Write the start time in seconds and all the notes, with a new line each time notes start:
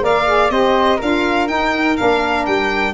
0.00 A#3 A#4 D5 F5
0.26 G#4
0.50 C4 G4 C5 D#5
0.97 D4 F4 A#4 F5
1.47 D#4 G5
1.96 A#3 D4 F5
2.46 G3 G5